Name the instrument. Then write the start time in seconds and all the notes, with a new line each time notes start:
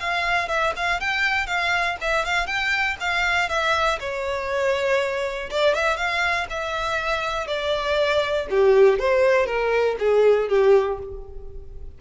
violin
0.00 F5
0.48 E5
0.76 F5
1.00 G5
1.47 F5
2.01 E5
2.25 F5
2.47 G5
3.00 F5
3.49 E5
4.00 C#5
5.50 D5
5.75 E5
5.97 F5
6.50 E5
7.47 D5
8.50 G4
8.99 C5
9.46 A#4
9.99 G#4
10.49 G4